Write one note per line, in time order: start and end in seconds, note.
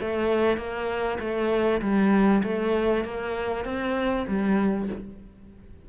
0.00 0.57 A3
0.57 1.18 A#3
1.19 1.81 A3
1.81 2.42 G3
2.43 3.04 A3
3.04 3.65 A#3
3.65 4.26 C4
4.27 4.89 G3